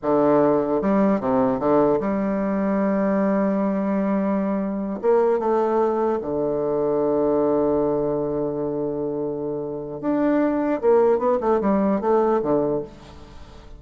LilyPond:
\new Staff \with { instrumentName = "bassoon" } { \time 4/4 \tempo 4 = 150 d2 g4 c4 | d4 g2.~ | g1~ | g8 ais4 a2 d8~ |
d1~ | d1~ | d4 d'2 ais4 | b8 a8 g4 a4 d4 | }